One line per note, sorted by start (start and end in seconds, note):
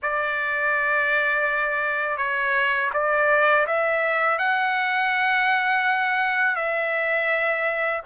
0.02 2.17 D5
2.17 2.90 C#5
2.93 3.66 D5
3.66 4.38 E5
4.38 6.55 F#5
6.55 8.01 E5